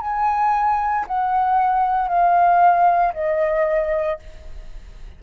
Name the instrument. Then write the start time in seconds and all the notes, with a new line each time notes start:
flute
0.00 G#5
1.07 F#5
2.08 F5
3.13 D#5